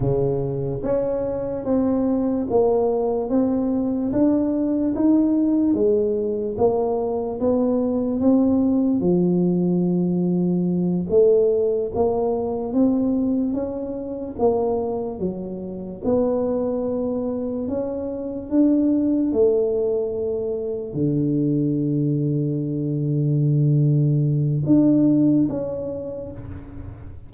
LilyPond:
\new Staff \with { instrumentName = "tuba" } { \time 4/4 \tempo 4 = 73 cis4 cis'4 c'4 ais4 | c'4 d'4 dis'4 gis4 | ais4 b4 c'4 f4~ | f4. a4 ais4 c'8~ |
c'8 cis'4 ais4 fis4 b8~ | b4. cis'4 d'4 a8~ | a4. d2~ d8~ | d2 d'4 cis'4 | }